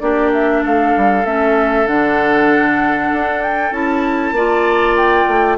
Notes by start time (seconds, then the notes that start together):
0.00 A#3 D4 G4 D5
0.33 E5
0.63 A3 A4 F5
0.97 G3
1.26 A3 C#4 E5
1.87 D3 D4 F#5
3.13 D4
3.42 G5
3.72 C#4 E4 A5
4.32 A#3 F4 D5
4.97 G5
5.28 A3